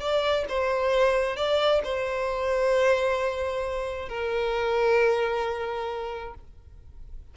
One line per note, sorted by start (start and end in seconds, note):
0.00 0.45 D5
0.49 1.37 C5
1.37 1.82 D5
1.84 4.09 C5
4.09 6.34 A#4